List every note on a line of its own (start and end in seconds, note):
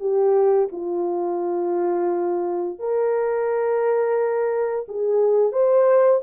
0.00 0.69 G4
0.72 2.79 F4
2.79 4.86 A#4
4.88 5.52 G#4
5.52 6.21 C5